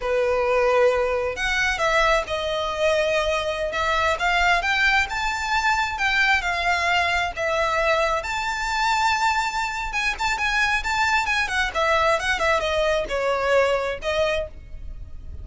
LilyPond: \new Staff \with { instrumentName = "violin" } { \time 4/4 \tempo 4 = 133 b'2. fis''4 | e''4 dis''2.~ | dis''16 e''4 f''4 g''4 a''8.~ | a''4~ a''16 g''4 f''4.~ f''16~ |
f''16 e''2 a''4.~ a''16~ | a''2 gis''8 a''8 gis''4 | a''4 gis''8 fis''8 e''4 fis''8 e''8 | dis''4 cis''2 dis''4 | }